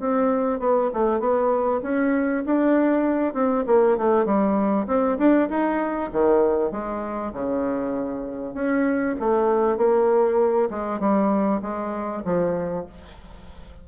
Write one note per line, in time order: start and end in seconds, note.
0.00 0.60 C4
0.60 0.90 B3
0.94 1.20 A3
1.20 1.81 B3
1.83 2.44 C#4
2.45 3.34 D4
3.34 3.65 C4
3.67 3.98 A#3
3.98 4.26 A3
4.26 4.87 G3
4.87 5.18 C4
5.19 5.49 D4
5.50 6.11 D#4
6.13 6.72 D#3
6.72 7.33 G#3
7.33 8.55 C#3
8.55 9.16 C#4
9.20 9.78 A3
9.78 10.70 A#3
10.71 11.00 G#3
11.00 11.61 G3
11.62 12.23 G#3
12.25 12.86 F3